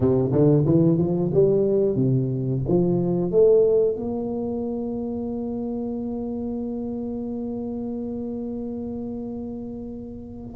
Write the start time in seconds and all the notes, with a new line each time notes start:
0.00 C3
0.31 D3
0.65 E3
0.98 F3
1.33 G3
1.95 C3
2.67 F3
3.31 A3
3.96 A#3